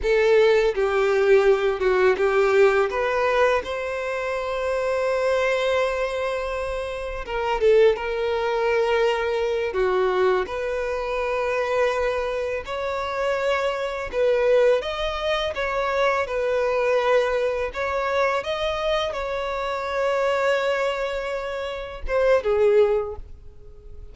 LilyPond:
\new Staff \with { instrumentName = "violin" } { \time 4/4 \tempo 4 = 83 a'4 g'4. fis'8 g'4 | b'4 c''2.~ | c''2 ais'8 a'8 ais'4~ | ais'4. fis'4 b'4.~ |
b'4. cis''2 b'8~ | b'8 dis''4 cis''4 b'4.~ | b'8 cis''4 dis''4 cis''4.~ | cis''2~ cis''8 c''8 gis'4 | }